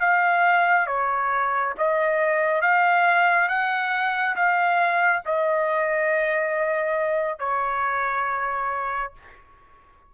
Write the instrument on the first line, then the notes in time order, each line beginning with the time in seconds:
trumpet
0.00 F5
0.87 C#5
1.77 D#5
2.61 F5
3.48 F#5
4.36 F5
5.25 D#5
7.39 C#5